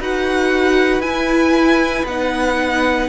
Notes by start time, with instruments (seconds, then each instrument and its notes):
0.00 cello D#4, viola F#4, violin B4 F#5
1.00 cello E4, viola E4, violin G#5
2.04 cello B3, viola D#4, violin F#5